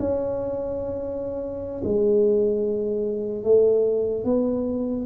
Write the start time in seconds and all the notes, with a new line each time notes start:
0.00 C#4
1.85 G#3
3.44 A3
4.25 B3